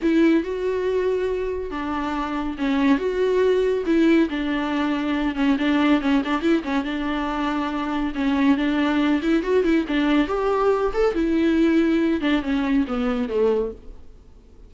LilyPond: \new Staff \with { instrumentName = "viola" } { \time 4/4 \tempo 4 = 140 e'4 fis'2. | d'2 cis'4 fis'4~ | fis'4 e'4 d'2~ | d'8 cis'8 d'4 cis'8 d'8 e'8 cis'8 |
d'2. cis'4 | d'4. e'8 fis'8 e'8 d'4 | g'4. a'8 e'2~ | e'8 d'8 cis'4 b4 a4 | }